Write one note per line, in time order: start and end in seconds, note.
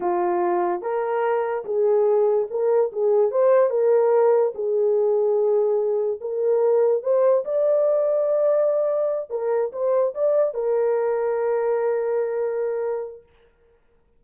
0.00 0.81 F4
0.81 1.64 A#4
1.65 2.47 G#4
2.50 2.91 A#4
2.92 3.31 G#4
3.31 3.70 C5
3.70 4.53 A#4
4.54 6.20 G#4
6.20 7.03 A#4
7.03 7.44 C5
7.44 9.30 D5
9.30 9.71 A#4
9.72 10.14 C5
10.14 10.54 D5
10.54 13.23 A#4